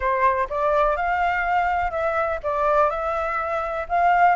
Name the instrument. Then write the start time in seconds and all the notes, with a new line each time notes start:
flute
0.00 C5
0.49 D5
0.96 F5
1.90 E5
2.43 D5
2.90 E5
3.88 F5